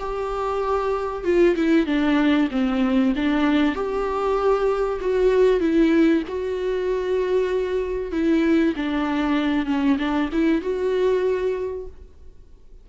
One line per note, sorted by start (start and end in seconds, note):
0.00 1.25 G4
1.25 1.56 F4
1.56 1.87 E4
1.87 2.49 D4
2.51 3.14 C4
3.16 3.75 D4
3.75 5.00 G4
5.01 5.61 F#4
5.61 6.23 E4
6.28 8.12 F#4
8.12 8.75 E4
8.77 9.66 D4
9.66 9.97 C#4
9.99 10.30 D4
10.32 10.62 E4
10.62 11.87 F#4